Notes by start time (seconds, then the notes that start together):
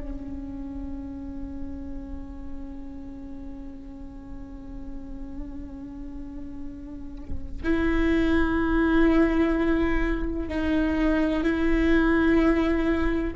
0.00 C#4
7.63 E4
10.48 D#4
11.43 E4